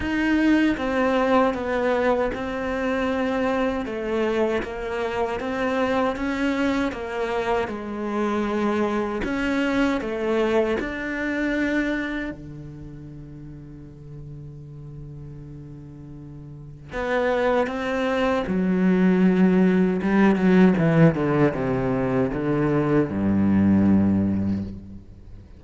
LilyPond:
\new Staff \with { instrumentName = "cello" } { \time 4/4 \tempo 4 = 78 dis'4 c'4 b4 c'4~ | c'4 a4 ais4 c'4 | cis'4 ais4 gis2 | cis'4 a4 d'2 |
d1~ | d2 b4 c'4 | fis2 g8 fis8 e8 d8 | c4 d4 g,2 | }